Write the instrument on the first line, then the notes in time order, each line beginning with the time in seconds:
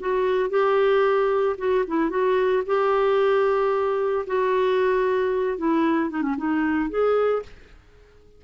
clarinet
0.00 F#4
0.50 G4
1.58 F#4
1.88 E4
2.10 F#4
2.67 G4
4.27 F#4
5.58 E4
6.10 D#4
6.23 C#4
6.38 D#4
6.90 G#4